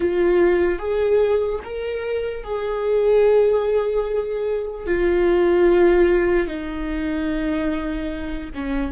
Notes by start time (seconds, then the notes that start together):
0.00 F4
0.78 G#4
1.64 A#4
2.43 G#4
4.86 F4
6.46 D#4
8.54 C#4